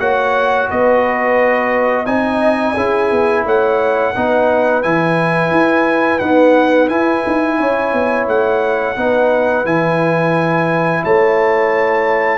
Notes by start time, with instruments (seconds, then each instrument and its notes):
0.00 tuba A#3, trombone F#4, horn C#5, trumpet F#5
0.70 tuba B3, horn B4, trumpet D#5
2.06 tuba C4, trombone D#4, horn D#5, trumpet G#5
2.75 tuba C#4, trombone E4, horn G#4
3.11 tuba B3
3.45 tuba A3, horn C#5, trumpet F#5
4.15 tuba B3, trombone D#4, horn B4
4.83 tuba E3, trombone E4, trumpet G#5
5.51 tuba E4
6.19 trombone B3, tuba D#4, trumpet F#5
6.89 trombone E4, tuba E4, trumpet G#5
7.27 tuba D#4
7.59 tuba C#4, horn C#5
7.93 tuba B3
8.27 tuba A3, trumpet F#5
8.97 tuba B3, trombone D#4, horn B4
9.65 tuba E3, trombone E4, trumpet G#5
11.04 tuba A3, horn C#5, trumpet A5